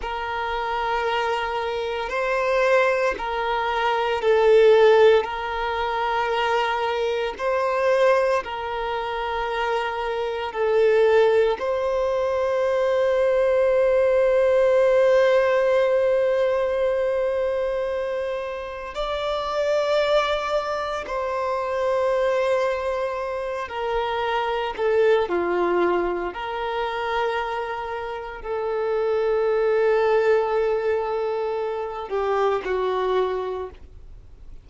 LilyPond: \new Staff \with { instrumentName = "violin" } { \time 4/4 \tempo 4 = 57 ais'2 c''4 ais'4 | a'4 ais'2 c''4 | ais'2 a'4 c''4~ | c''1~ |
c''2 d''2 | c''2~ c''8 ais'4 a'8 | f'4 ais'2 a'4~ | a'2~ a'8 g'8 fis'4 | }